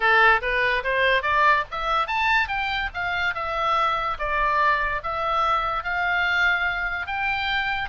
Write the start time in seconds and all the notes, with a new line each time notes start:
0.00 A4
0.41 B4
0.83 C5
1.22 D5
1.71 E5
2.07 A5
2.48 G5
2.94 F5
3.34 E5
4.18 D5
5.03 E5
5.83 F5
7.06 G5